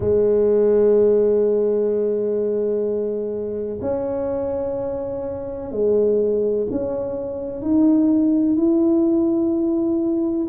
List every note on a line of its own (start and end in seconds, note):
0.00 3.79 G#3
3.81 5.71 C#4
5.71 6.67 G#3
6.70 7.61 C#4
7.61 8.56 D#4
8.56 10.47 E4